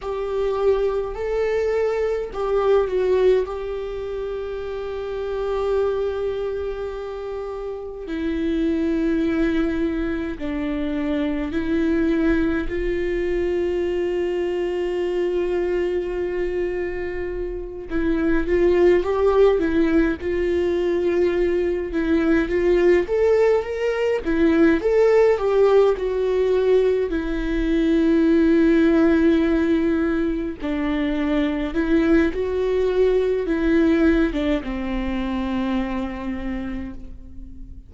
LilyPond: \new Staff \with { instrumentName = "viola" } { \time 4/4 \tempo 4 = 52 g'4 a'4 g'8 fis'8 g'4~ | g'2. e'4~ | e'4 d'4 e'4 f'4~ | f'2.~ f'8 e'8 |
f'8 g'8 e'8 f'4. e'8 f'8 | a'8 ais'8 e'8 a'8 g'8 fis'4 e'8~ | e'2~ e'8 d'4 e'8 | fis'4 e'8. d'16 c'2 | }